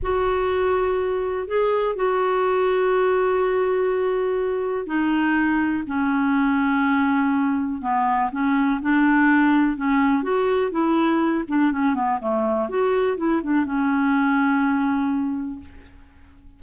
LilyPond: \new Staff \with { instrumentName = "clarinet" } { \time 4/4 \tempo 4 = 123 fis'2. gis'4 | fis'1~ | fis'2 dis'2 | cis'1 |
b4 cis'4 d'2 | cis'4 fis'4 e'4. d'8 | cis'8 b8 a4 fis'4 e'8 d'8 | cis'1 | }